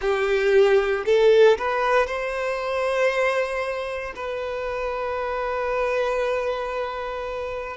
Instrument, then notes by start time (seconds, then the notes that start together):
violin
0.00 G4
1.05 A4
1.58 B4
2.06 C5
4.15 B4